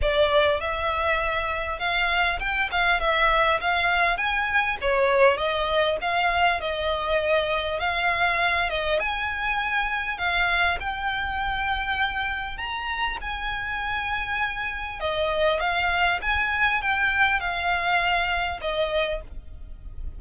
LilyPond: \new Staff \with { instrumentName = "violin" } { \time 4/4 \tempo 4 = 100 d''4 e''2 f''4 | g''8 f''8 e''4 f''4 gis''4 | cis''4 dis''4 f''4 dis''4~ | dis''4 f''4. dis''8 gis''4~ |
gis''4 f''4 g''2~ | g''4 ais''4 gis''2~ | gis''4 dis''4 f''4 gis''4 | g''4 f''2 dis''4 | }